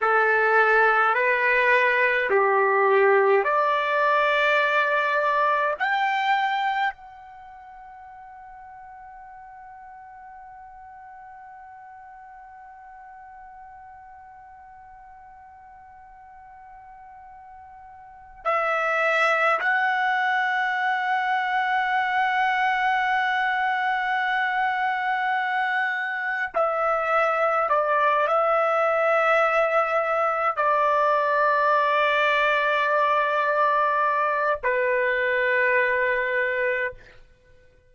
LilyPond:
\new Staff \with { instrumentName = "trumpet" } { \time 4/4 \tempo 4 = 52 a'4 b'4 g'4 d''4~ | d''4 g''4 fis''2~ | fis''1~ | fis''1 |
e''4 fis''2.~ | fis''2. e''4 | d''8 e''2 d''4.~ | d''2 b'2 | }